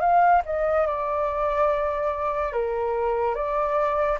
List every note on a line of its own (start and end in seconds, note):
0.00 0.42 F5
0.45 0.86 D#5
0.86 2.52 D5
2.52 3.35 A#4
3.35 4.18 D5